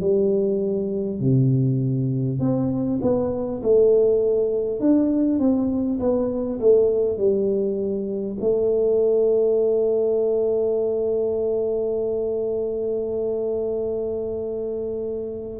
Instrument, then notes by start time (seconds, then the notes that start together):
tuba
0.00 G3
1.19 C3
2.39 C4
3.01 B3
3.63 A3
4.79 D4
5.39 C4
5.99 B3
6.60 A3
7.17 G3
8.40 A3